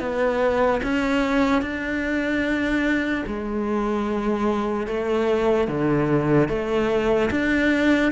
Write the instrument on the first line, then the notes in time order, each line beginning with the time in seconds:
cello
0.00 B3
0.83 C#4
1.62 D4
3.27 G#3
4.87 A3
5.68 D3
6.49 A3
7.31 D4